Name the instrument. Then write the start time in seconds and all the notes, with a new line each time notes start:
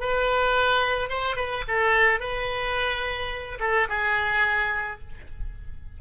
oboe
0.00 B4
1.09 C5
1.36 B4
1.67 A4
2.20 B4
3.60 A4
3.89 G#4